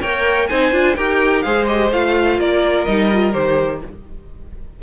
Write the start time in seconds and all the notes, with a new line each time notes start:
0.00 A#3 A#4 C#5 G5
0.48 C4 D#4 C5 G#5
0.72 D4 F4
0.95 D#4 G4 A#4 G5
1.42 G#3 G#4 C5 F5
1.66 G4 D#5
1.92 A3 F4 F5
2.38 A#3 A#4 D5
2.85 G3 D#4 D#5
3.13 F4
3.32 D#3 G4 C5